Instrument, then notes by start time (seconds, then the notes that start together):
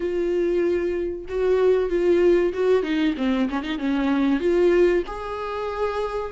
viola
0.00 F4
1.28 F#4
1.89 F4
2.53 F#4
2.82 D#4
3.17 C4
3.49 C#4
3.62 D#4
3.78 C#4
4.40 F4
5.07 G#4